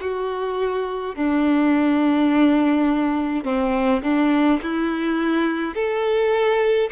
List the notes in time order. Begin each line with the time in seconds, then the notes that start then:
0.00 F#4
1.15 D4
3.44 C4
4.02 D4
4.62 E4
5.74 A4